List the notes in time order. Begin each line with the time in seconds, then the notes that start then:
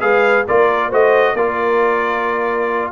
0.00 G#3 G#4 B4 F5
0.47 A#3 F4 A#4 D5
0.88 A3 F#4 C5 D#5
1.34 A#3 F4 A#4 D5